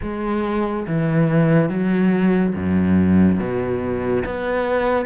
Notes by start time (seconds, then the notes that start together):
0.02 G#3
0.87 E3
1.69 F#3
2.55 F#2
3.39 B2
4.25 B3